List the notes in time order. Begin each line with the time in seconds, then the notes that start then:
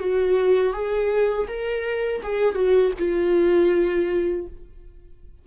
0.00 F#4
0.73 G#4
1.48 A#4
2.23 G#4
2.55 F#4
2.99 F4